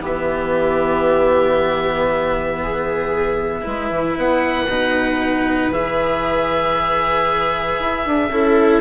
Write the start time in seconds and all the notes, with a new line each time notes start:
0.00 E3 B3 G4 E5
2.63 G#4
3.62 G#3 E4 B4
3.91 E3
4.18 B3 F#5
4.68 B2 D#4
5.70 E3 G#4 E5
7.80 E4
8.06 D4
8.30 C#4 E4 A4